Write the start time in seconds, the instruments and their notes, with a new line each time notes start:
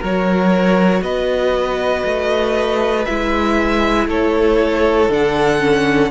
0.00 cello F#3, viola F#4, violin A#4 C#5
1.02 cello B3, violin B4 D#5
2.05 cello A3
3.06 cello G#3, viola E4, violin E5
4.07 cello A3, violin A4 C#5
5.09 cello D3, viola D4, violin F#5
5.60 viola C#4